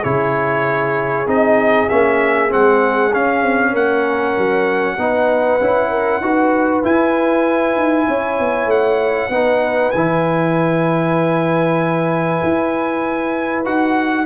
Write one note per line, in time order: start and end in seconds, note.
0.00 1.26 C#3
0.00 1.26 E4
0.00 3.71 G#4
0.00 1.27 C#5
1.26 1.88 C4
1.26 1.88 D#4
1.26 1.89 D#5
1.89 2.53 A#3
1.89 2.49 C#4
1.89 2.51 E5
2.49 3.13 G#3
2.49 3.11 C4
2.49 3.14 F#5
3.13 4.98 C#4
3.13 3.43 C#4
3.13 3.75 F5
3.43 3.74 C4
3.72 4.36 A#3
3.72 4.95 A#4
3.72 6.84 F#5
4.37 4.97 F#3
4.97 5.59 B3
4.97 5.60 D#4
4.97 5.90 B4
5.60 6.20 C#4
5.60 6.22 E4
5.90 6.21 A#4
6.20 6.82 D#4
6.20 6.83 F#4
6.20 8.07 B4
6.83 9.31 E4
6.83 7.76 E4
6.83 8.70 G#5
7.76 8.07 D#4
8.07 8.39 C#4
8.07 9.31 C#5
8.39 8.66 B3
8.66 9.27 A3
8.66 9.91 F#5
9.29 9.91 B3
9.29 9.93 D#4
9.29 14.26 B4
9.91 12.41 E3
9.91 13.64 E4
9.91 13.62 G#5
12.43 13.65 E4
13.64 14.26 D#4
13.64 14.26 F#4
13.64 14.26 F#5